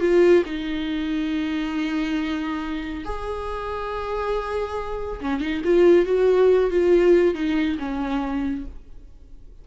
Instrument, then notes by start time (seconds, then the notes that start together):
viola
0.00 F4
0.45 D#4
3.05 G#4
5.21 C#4
5.41 D#4
5.64 F4
6.06 F#4
6.70 F4
7.34 D#4
7.79 C#4